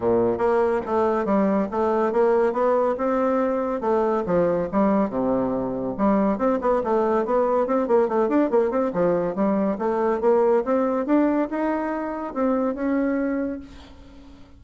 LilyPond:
\new Staff \with { instrumentName = "bassoon" } { \time 4/4 \tempo 4 = 141 ais,4 ais4 a4 g4 | a4 ais4 b4 c'4~ | c'4 a4 f4 g4 | c2 g4 c'8 b8 |
a4 b4 c'8 ais8 a8 d'8 | ais8 c'8 f4 g4 a4 | ais4 c'4 d'4 dis'4~ | dis'4 c'4 cis'2 | }